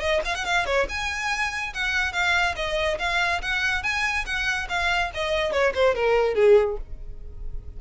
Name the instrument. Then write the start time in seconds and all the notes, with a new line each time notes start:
violin
0.00 D#5
0.25 F5
0.35 F#5
0.45 F5
0.66 C#5
0.89 G#5
1.74 F#5
2.13 F5
2.56 D#5
2.99 F5
3.42 F#5
3.83 G#5
4.26 F#5
4.69 F5
5.14 D#5
5.52 C#5
5.75 C5
5.95 A#4
6.35 G#4